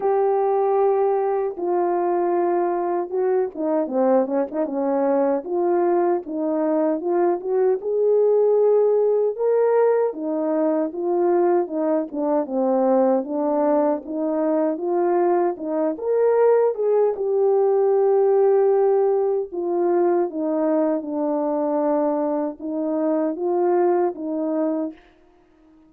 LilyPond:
\new Staff \with { instrumentName = "horn" } { \time 4/4 \tempo 4 = 77 g'2 f'2 | fis'8 dis'8 c'8 cis'16 dis'16 cis'4 f'4 | dis'4 f'8 fis'8 gis'2 | ais'4 dis'4 f'4 dis'8 d'8 |
c'4 d'4 dis'4 f'4 | dis'8 ais'4 gis'8 g'2~ | g'4 f'4 dis'4 d'4~ | d'4 dis'4 f'4 dis'4 | }